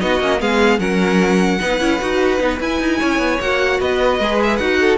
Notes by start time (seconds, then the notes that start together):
0.00 B3 D#4 F#4 D#5
0.21 A#3 C#4
0.38 G#3 B3 G#4 F5
0.79 F#3 C#4 A#4 F#5
1.61 B3 D#4 B4
1.80 C#4 E4
2.01 D#4 F#4
2.39 B3 D#4
2.60 E4 G#5
2.80 D#4
2.99 C#4 C#5
3.18 B3
3.40 A#3 F#4 F#5
3.79 B3 B4 D#5
4.19 G#3 G#4
4.43 E5
4.57 D#4 F#4 F#5
4.80 A4